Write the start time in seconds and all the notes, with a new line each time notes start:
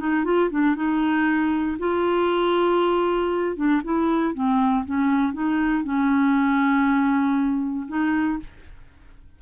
0.00 D#4
0.25 F4
0.51 D4
0.76 D#4
1.79 F4
3.56 D4
3.84 E4
4.34 C4
4.85 C#4
5.33 D#4
5.84 C#4
7.88 D#4